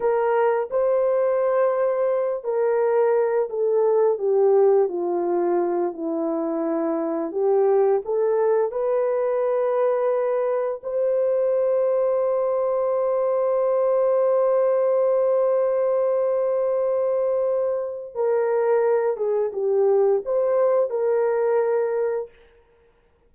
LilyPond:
\new Staff \with { instrumentName = "horn" } { \time 4/4 \tempo 4 = 86 ais'4 c''2~ c''8 ais'8~ | ais'4 a'4 g'4 f'4~ | f'8 e'2 g'4 a'8~ | a'8 b'2. c''8~ |
c''1~ | c''1~ | c''2 ais'4. gis'8 | g'4 c''4 ais'2 | }